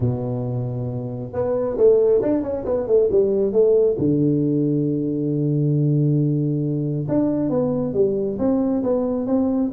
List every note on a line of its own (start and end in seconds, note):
0.00 1.32 B2
1.32 1.76 B3
1.77 2.21 A3
2.22 2.42 D4
2.42 2.64 C#4
2.65 2.87 B3
2.87 3.09 A3
3.11 3.52 G3
3.52 3.96 A3
3.98 7.07 D3
7.08 7.49 D4
7.49 7.93 B3
7.93 8.37 G3
8.38 8.83 C4
8.83 9.26 B3
9.26 9.70 C4